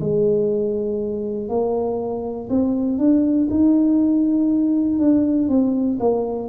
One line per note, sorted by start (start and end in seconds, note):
0.00 1.49 G#3
1.49 2.49 A#3
2.49 2.98 C4
2.98 3.48 D4
3.50 4.99 D#4
4.99 5.48 D4
5.48 5.98 C4
5.99 6.49 A#3